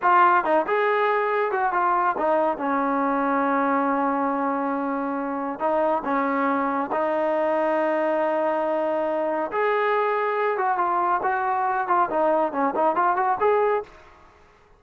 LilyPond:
\new Staff \with { instrumentName = "trombone" } { \time 4/4 \tempo 4 = 139 f'4 dis'8 gis'2 fis'8 | f'4 dis'4 cis'2~ | cis'1~ | cis'4 dis'4 cis'2 |
dis'1~ | dis'2 gis'2~ | gis'8 fis'8 f'4 fis'4. f'8 | dis'4 cis'8 dis'8 f'8 fis'8 gis'4 | }